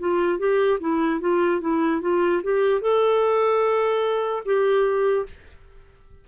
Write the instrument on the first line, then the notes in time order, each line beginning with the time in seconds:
clarinet
0.00 F4
0.39 G4
0.80 E4
1.21 F4
1.61 E4
2.01 F4
2.43 G4
2.81 A4
4.45 G4